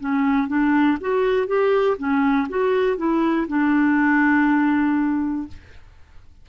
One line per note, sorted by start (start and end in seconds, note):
0.00 0.48 C#4
0.48 0.98 D4
1.01 1.47 F#4
1.47 1.97 G4
1.98 2.48 C#4
2.49 2.98 F#4
2.98 3.48 E4
3.48 5.48 D4